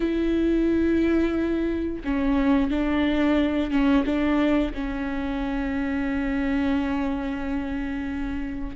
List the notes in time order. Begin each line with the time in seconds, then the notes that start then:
0.00 E4
2.04 C#4
2.70 D4
3.70 C#4
4.05 D4
4.74 C#4